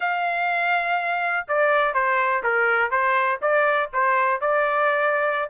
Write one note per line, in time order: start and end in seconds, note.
0.00 1.46 F5
1.48 1.94 D5
1.94 2.42 C5
2.43 2.90 A#4
2.90 3.39 C5
3.41 3.90 D5
3.93 4.40 C5
4.40 5.49 D5